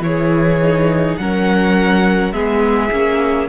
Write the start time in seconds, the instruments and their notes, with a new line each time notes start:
0.00 cello E3, viola E4, violin C#5
0.06 violin G#4
0.62 viola D#4
1.17 cello F#3, viola C#4, violin A#4 F#5
2.32 cello G#3, viola B3, violin G#4 E5
2.92 cello A#3, viola C#4